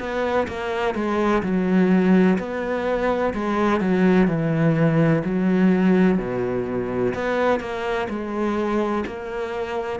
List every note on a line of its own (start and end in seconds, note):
0.00 0.48 B3
0.48 0.95 A#3
0.95 1.42 G#3
1.43 2.38 F#3
2.39 3.34 B3
3.34 3.81 G#3
3.81 4.28 F#3
4.28 5.23 E3
5.25 6.19 F#3
6.19 7.14 B2
7.15 7.60 B3
7.60 8.08 A#3
8.10 9.05 G#3
9.06 10.00 A#3